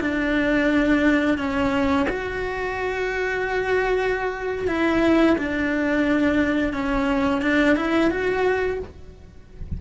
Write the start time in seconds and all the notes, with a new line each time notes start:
0.00 D4
1.38 C#4
2.09 F#4
4.67 E4
5.38 D4
6.73 C#4
7.42 D4
7.76 E4
8.10 F#4